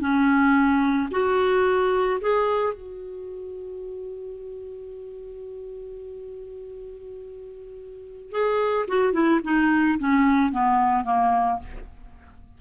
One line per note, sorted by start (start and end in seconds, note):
0.00 1.09 C#4
1.11 2.20 F#4
2.21 2.73 G#4
2.73 8.32 F#4
8.32 8.86 G#4
8.88 9.13 F#4
9.13 9.41 E4
9.44 9.99 D#4
9.99 10.52 C#4
10.52 11.05 B3
11.05 11.59 A#3